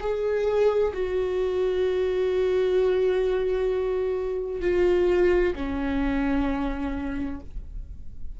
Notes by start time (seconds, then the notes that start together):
0.00 G#4
0.93 F#4
4.61 F4
5.55 C#4